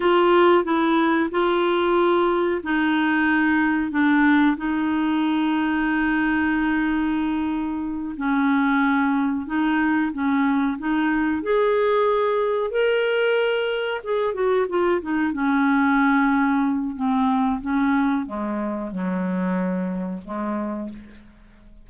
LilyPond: \new Staff \with { instrumentName = "clarinet" } { \time 4/4 \tempo 4 = 92 f'4 e'4 f'2 | dis'2 d'4 dis'4~ | dis'1~ | dis'8 cis'2 dis'4 cis'8~ |
cis'8 dis'4 gis'2 ais'8~ | ais'4. gis'8 fis'8 f'8 dis'8 cis'8~ | cis'2 c'4 cis'4 | gis4 fis2 gis4 | }